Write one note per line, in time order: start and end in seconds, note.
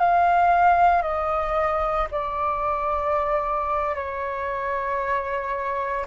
0.00 1.03 F5
1.03 2.08 D#5
2.11 3.96 D5
3.96 6.06 C#5